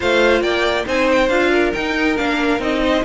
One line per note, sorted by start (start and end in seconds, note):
0.00 0.41 A3
0.00 0.84 F4
0.00 0.42 C5
0.00 0.42 F5
0.41 0.84 A#3
0.41 0.85 D5
0.41 0.85 G5
0.86 1.29 C4
0.86 1.29 D#4
0.86 1.50 C5
0.86 1.10 G#5
1.11 1.28 G5
1.28 1.72 D4
1.28 1.74 F4
1.28 1.72 F5
1.50 2.81 A#4
1.73 2.16 D#4
1.73 2.19 D#4
1.73 2.17 G5
2.16 2.59 A#3
2.16 2.59 D4
2.16 2.60 F5
2.59 3.02 C4
2.59 3.02 D#4
2.59 3.04 D#5
2.82 3.04 C5